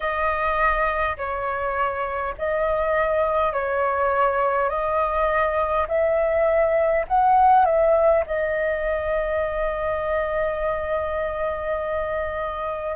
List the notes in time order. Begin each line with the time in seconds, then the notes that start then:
0.00 D#5
1.17 C#5
2.38 D#5
3.52 C#5
4.69 D#5
5.88 E5
7.07 F#5
7.65 E5
8.26 D#5